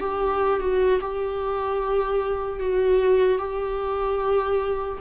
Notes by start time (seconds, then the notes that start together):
0.00 G4
0.60 F#4
1.01 G4
2.60 F#4
3.39 G4